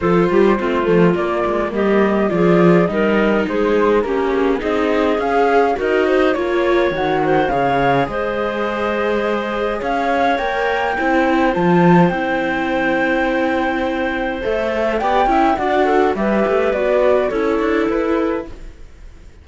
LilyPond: <<
  \new Staff \with { instrumentName = "flute" } { \time 4/4 \tempo 4 = 104 c''2 d''4 dis''4 | d''4 dis''4 c''4 ais'8 gis'8 | dis''4 f''4 dis''4 cis''4 | fis''4 f''4 dis''2~ |
dis''4 f''4 g''2 | a''4 g''2.~ | g''4 e''4 g''4 fis''4 | e''4 d''4 cis''4 b'4 | }
  \new Staff \with { instrumentName = "clarinet" } { \time 4/4 a'8 g'8 f'2 g'4 | gis'4 ais'4 gis'4 g'4 | gis'2 ais'8 c''8 cis''4~ | cis''8 c''8 cis''4 c''2~ |
c''4 cis''2 c''4~ | c''1~ | c''2 d''8 e''8 d''8 a'8 | b'2 a'2 | }
  \new Staff \with { instrumentName = "viola" } { \time 4/4 f'4 c'8 a8 ais2 | f'4 dis'2 cis'4 | dis'4 gis'4 fis'4 f'4 | fis'4 gis'2.~ |
gis'2 ais'4 e'4 | f'4 e'2.~ | e'4 a'4 g'8 e'8 fis'4 | g'4 fis'4 e'2 | }
  \new Staff \with { instrumentName = "cello" } { \time 4/4 f8 g8 a8 f8 ais8 gis8 g4 | f4 g4 gis4 ais4 | c'4 cis'4 dis'4 ais4 | dis4 cis4 gis2~ |
gis4 cis'4 ais4 c'4 | f4 c'2.~ | c'4 a4 b8 cis'8 d'4 | g8 a8 b4 cis'8 d'8 e'4 | }
>>